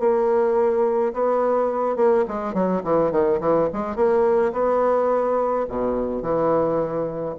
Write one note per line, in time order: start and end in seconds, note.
0.00 1.13 A#3
1.14 1.97 B3
1.97 2.25 A#3
2.28 2.54 G#3
2.54 2.83 F#3
2.84 3.12 E3
3.12 3.40 D#3
3.41 3.69 E3
3.73 3.96 G#3
3.96 4.53 A#3
4.53 5.66 B3
5.69 6.23 B2
6.23 7.36 E3